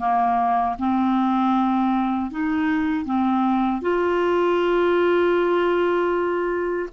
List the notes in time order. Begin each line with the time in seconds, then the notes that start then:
0.00 A#3
0.79 C4
2.31 D#4
3.05 C4
3.82 F4